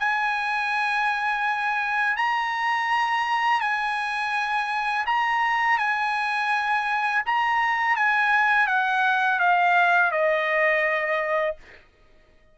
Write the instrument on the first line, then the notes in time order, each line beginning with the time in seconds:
trumpet
0.00 G#5
2.17 A#5
3.61 G#5
5.07 A#5
5.79 G#5
7.26 A#5
7.96 G#5
8.67 F#5
9.40 F5
10.12 D#5